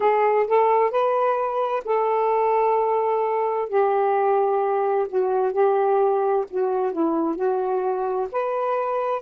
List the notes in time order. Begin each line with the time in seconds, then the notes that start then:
0.00 G#4
0.47 A4
0.91 B4
1.84 A4
3.68 G4
5.08 F#4
5.53 G4
6.50 F#4
6.92 E4
7.36 F#4
8.32 B4